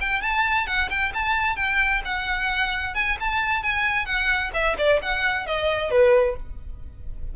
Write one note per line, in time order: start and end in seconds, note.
0.00 0.21 G5
0.21 0.66 A5
0.66 0.89 F#5
0.89 1.12 G5
1.14 1.56 A5
1.56 2.01 G5
2.05 2.94 F#5
2.94 3.17 G#5
3.20 3.63 A5
3.63 4.05 G#5
4.05 4.50 F#5
4.53 4.76 E5
4.77 5.00 D5
5.01 5.46 F#5
5.46 5.90 D#5
5.90 6.36 B4